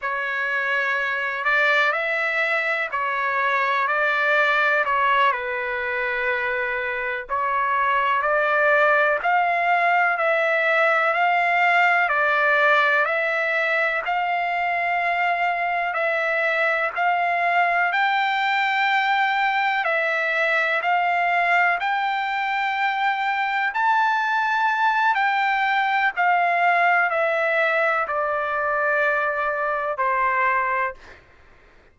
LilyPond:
\new Staff \with { instrumentName = "trumpet" } { \time 4/4 \tempo 4 = 62 cis''4. d''8 e''4 cis''4 | d''4 cis''8 b'2 cis''8~ | cis''8 d''4 f''4 e''4 f''8~ | f''8 d''4 e''4 f''4.~ |
f''8 e''4 f''4 g''4.~ | g''8 e''4 f''4 g''4.~ | g''8 a''4. g''4 f''4 | e''4 d''2 c''4 | }